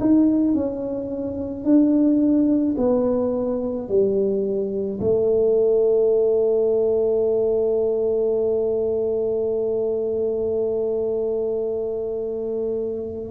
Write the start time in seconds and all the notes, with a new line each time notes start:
0.00 D#4
0.54 C#4
1.64 D4
2.77 B3
3.88 G3
5.00 A3